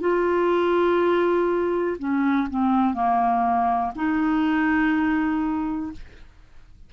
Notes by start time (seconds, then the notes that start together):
0.00 F4
1.99 C#4
2.50 C4
2.93 A#3
3.95 D#4